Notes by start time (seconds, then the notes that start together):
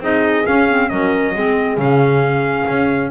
0.00 C4 D#4 G#4 D#5
0.45 C#4 F5
0.69 C4
0.89 F#3 C#4 A#4 D#5
1.35 G#3 C4 G#4
1.77 C#3 C#4 F5
2.68 C#4